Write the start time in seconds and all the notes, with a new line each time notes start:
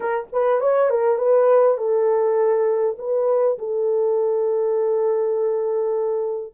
0.00 A#4
0.32 B4
0.60 C#5
0.89 A#4
1.18 B4
1.77 A4
2.98 B4
3.58 A4